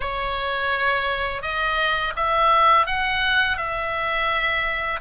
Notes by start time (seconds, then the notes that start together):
0.00 C#5
1.42 D#5
2.16 E5
2.86 F#5
3.57 E5